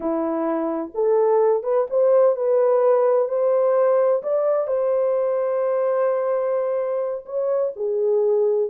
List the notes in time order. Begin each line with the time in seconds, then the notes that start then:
0.00 E4
0.94 A4
1.63 B4
1.90 C5
2.36 B4
3.28 C5
4.23 D5
4.67 C5
7.25 C#5
7.76 G#4